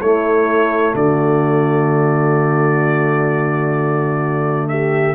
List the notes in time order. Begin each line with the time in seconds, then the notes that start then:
0.00 A3 E4 C#5
0.94 D3 F#4 D5
4.69 G4 E5